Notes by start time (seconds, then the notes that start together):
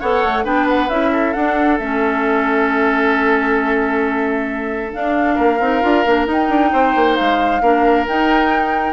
0.00 B3 A4 C#5 F#5
0.24 A3
0.44 B3 D4 B4 G5
0.69 F#5
0.89 C#4 E4 E5
1.12 A4
1.33 D4 F#5
1.78 A3 C#4 E5
4.92 D4 F5
5.35 A#3 A#4
5.60 C4 D#4
5.82 D4 F4
6.06 A#3 D4
6.27 D#4 G5
6.49 D4
6.72 C4 C5
6.95 A#3
7.16 G#3 F5
7.61 A#3 D4 A#4
8.07 D#4 G5